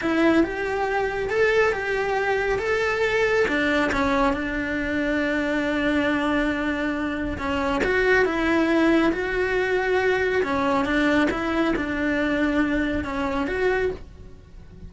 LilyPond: \new Staff \with { instrumentName = "cello" } { \time 4/4 \tempo 4 = 138 e'4 g'2 a'4 | g'2 a'2 | d'4 cis'4 d'2~ | d'1~ |
d'4 cis'4 fis'4 e'4~ | e'4 fis'2. | cis'4 d'4 e'4 d'4~ | d'2 cis'4 fis'4 | }